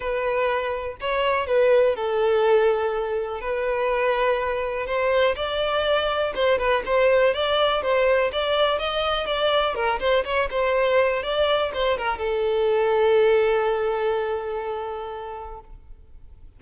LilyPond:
\new Staff \with { instrumentName = "violin" } { \time 4/4 \tempo 4 = 123 b'2 cis''4 b'4 | a'2. b'4~ | b'2 c''4 d''4~ | d''4 c''8 b'8 c''4 d''4 |
c''4 d''4 dis''4 d''4 | ais'8 c''8 cis''8 c''4. d''4 | c''8 ais'8 a'2.~ | a'1 | }